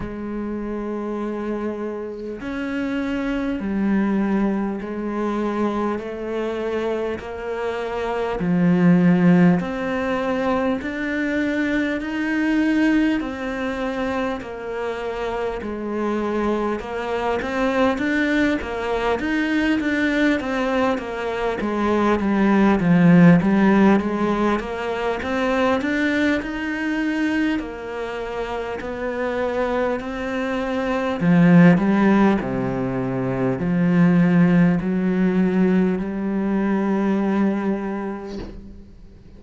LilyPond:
\new Staff \with { instrumentName = "cello" } { \time 4/4 \tempo 4 = 50 gis2 cis'4 g4 | gis4 a4 ais4 f4 | c'4 d'4 dis'4 c'4 | ais4 gis4 ais8 c'8 d'8 ais8 |
dis'8 d'8 c'8 ais8 gis8 g8 f8 g8 | gis8 ais8 c'8 d'8 dis'4 ais4 | b4 c'4 f8 g8 c4 | f4 fis4 g2 | }